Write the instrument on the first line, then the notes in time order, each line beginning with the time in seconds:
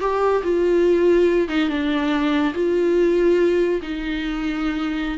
viola
0.00 G4
0.43 F4
1.48 D#4
1.69 D4
2.54 F4
3.82 D#4